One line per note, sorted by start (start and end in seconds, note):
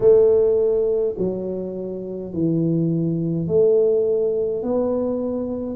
0.00 1.15 A3
1.18 2.33 F#3
2.33 3.47 E3
3.47 4.63 A3
4.63 5.76 B3